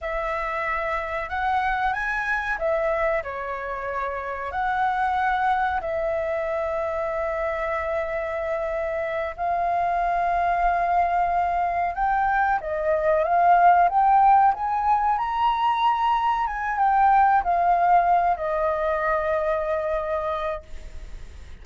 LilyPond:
\new Staff \with { instrumentName = "flute" } { \time 4/4 \tempo 4 = 93 e''2 fis''4 gis''4 | e''4 cis''2 fis''4~ | fis''4 e''2.~ | e''2~ e''8 f''4.~ |
f''2~ f''8 g''4 dis''8~ | dis''8 f''4 g''4 gis''4 ais''8~ | ais''4. gis''8 g''4 f''4~ | f''8 dis''2.~ dis''8 | }